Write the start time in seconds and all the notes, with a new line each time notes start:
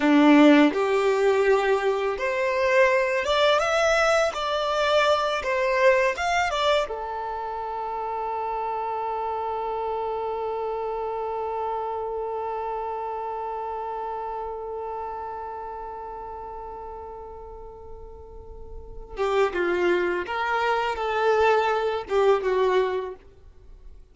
0.00 D4
0.72 G4
2.18 C5
3.24 D5
3.59 E5
4.34 D5
5.42 C5
6.16 F5
6.50 D5
6.88 A4
19.16 G4
19.53 F4
20.25 A#4
20.95 A4
22.08 G4
22.43 F#4